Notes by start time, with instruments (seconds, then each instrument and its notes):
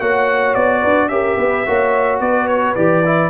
0.00 tuba A#3, trombone F#4, horn C#5, trumpet F#5
0.54 tuba B3, trumpet D5
0.80 tuba D4, horn B4
1.08 tuba C#4, trombone G4, horn A#4, trumpet E5
1.37 tuba B3, horn B4
1.66 tuba A#3, trombone F#4, horn C#5
2.20 tuba B3, horn B4, trumpet D5
2.47 trumpet C#5
2.75 tuba E3, trombone G4, trumpet D5
3.06 trombone E4